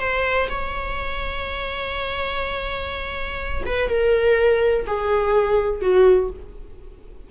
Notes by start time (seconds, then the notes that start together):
0.00 C5
0.49 C#5
3.66 B4
3.89 A#4
4.86 G#4
5.81 F#4